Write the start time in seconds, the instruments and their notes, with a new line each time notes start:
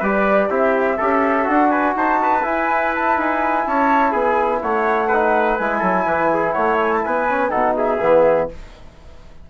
0.00 bassoon G3, trombone G4, trumpet B4, flute D5
0.50 bassoon C4, trombone E4, trumpet G4, flute E5
0.98 bassoon C#4, trombone G4, trumpet A4
1.45 bassoon D4, trombone F#4, flute F#5
1.70 trumpet B4, flute G#5
1.96 bassoon D#4, trumpet C5, flute A5
2.23 trumpet B4
2.43 trombone E4, bassoon E4, flute G#5
2.96 flute A5
3.17 bassoon D#4, flute G#5
3.67 bassoon C#4, trumpet C#5, flute A5
4.12 bassoon B3, trumpet G#4, flute G#5
4.62 bassoon A3, trumpet C#5, flute F#5
5.08 trombone D#4, trumpet B4
5.58 bassoon G#3, trombone E4, flute G#5
5.79 bassoon F#3, trumpet A4
6.06 bassoon E3, trumpet B4
6.34 trumpet G#4
6.53 bassoon A3, trumpet C#5, flute F#5
6.81 flute G#5
6.93 flute A5
7.05 bassoon B3, trumpet B4, flute G#5
7.30 trombone C#4
7.50 bassoon B2, trombone D#4, trumpet A4, flute F#5
7.77 trumpet G#4, flute E5
8.01 bassoon E3, trombone B3